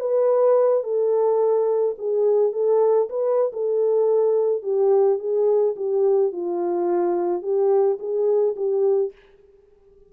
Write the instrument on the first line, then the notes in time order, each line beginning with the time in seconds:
horn
0.00 B4
0.84 A4
1.99 G#4
2.53 A4
3.10 B4
3.53 A4
4.63 G4
5.19 G#4
5.77 G4
6.33 F4
7.42 G4
8.00 G#4
8.56 G4